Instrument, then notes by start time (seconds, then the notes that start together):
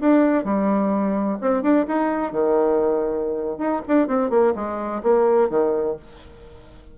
bassoon
0.00 D4
0.44 G3
1.41 C4
1.62 D4
1.87 D#4
2.32 D#3
3.58 D#4
3.87 D4
4.07 C4
4.30 A#3
4.55 G#3
5.02 A#3
5.49 D#3